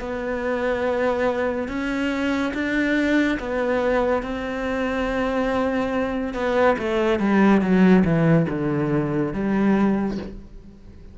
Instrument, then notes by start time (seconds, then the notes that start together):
cello
0.00 B3
1.68 C#4
2.54 D4
3.39 B3
4.23 C4
6.34 B3
6.78 A3
7.19 G3
7.61 F#3
8.04 E3
8.49 D3
9.33 G3